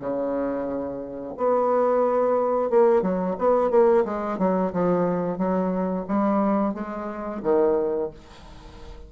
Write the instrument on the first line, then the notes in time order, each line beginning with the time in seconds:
bassoon
0.00 C#3
1.37 B3
2.70 A#3
3.02 F#3
3.39 B3
3.71 A#3
4.05 G#3
4.39 F#3
4.73 F3
5.38 F#3
6.08 G3
6.74 G#3
7.43 D#3